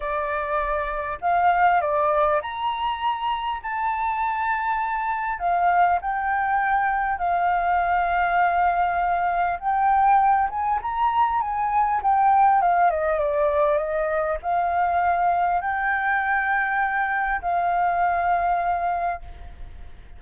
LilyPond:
\new Staff \with { instrumentName = "flute" } { \time 4/4 \tempo 4 = 100 d''2 f''4 d''4 | ais''2 a''2~ | a''4 f''4 g''2 | f''1 |
g''4. gis''8 ais''4 gis''4 | g''4 f''8 dis''8 d''4 dis''4 | f''2 g''2~ | g''4 f''2. | }